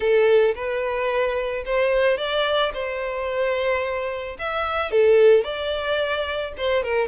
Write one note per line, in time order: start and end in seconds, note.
0.00 0.54 A4
0.55 1.64 B4
1.65 2.17 C5
2.17 2.72 D5
2.73 4.37 C5
4.39 4.91 E5
4.91 5.44 A4
5.44 6.53 D5
6.57 6.83 C5
6.83 7.07 A#4